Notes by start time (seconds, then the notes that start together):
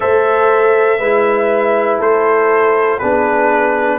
0.00 A3 A4 C5 E5
0.99 G#3 E4 B4
1.98 A3 A4 C5
2.98 B3 D4 G#4 B4